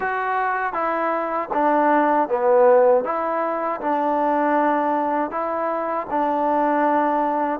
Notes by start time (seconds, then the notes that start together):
0.00 F#4
0.73 E4
1.53 D4
2.28 B3
3.04 E4
3.80 D4
5.30 E4
6.10 D4